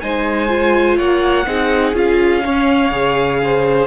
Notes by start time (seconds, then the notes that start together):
0.00 G#3 D#4 C5 G#5
0.48 F4
0.97 A#3 C#5 F#5
1.46 C4 D#4 G#4
1.93 C#4 F4 F5
2.44 C#4 C#5
2.91 C#3 G#4
3.43 C5